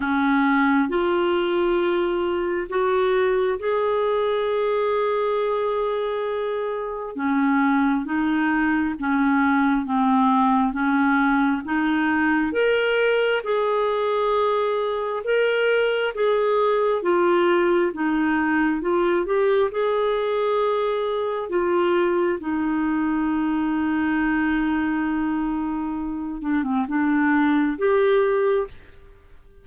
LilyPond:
\new Staff \with { instrumentName = "clarinet" } { \time 4/4 \tempo 4 = 67 cis'4 f'2 fis'4 | gis'1 | cis'4 dis'4 cis'4 c'4 | cis'4 dis'4 ais'4 gis'4~ |
gis'4 ais'4 gis'4 f'4 | dis'4 f'8 g'8 gis'2 | f'4 dis'2.~ | dis'4. d'16 c'16 d'4 g'4 | }